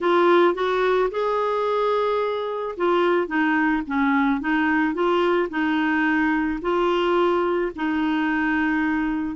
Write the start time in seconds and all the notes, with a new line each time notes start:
0.01 F4
0.54 F#4
1.10 G#4
2.76 F4
3.27 D#4
3.86 C#4
4.40 D#4
4.93 F4
5.49 D#4
6.61 F4
7.75 D#4